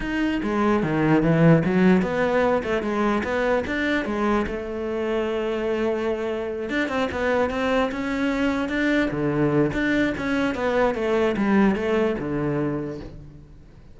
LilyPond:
\new Staff \with { instrumentName = "cello" } { \time 4/4 \tempo 4 = 148 dis'4 gis4 dis4 e4 | fis4 b4. a8 gis4 | b4 d'4 gis4 a4~ | a1~ |
a8 d'8 c'8 b4 c'4 cis'8~ | cis'4. d'4 d4. | d'4 cis'4 b4 a4 | g4 a4 d2 | }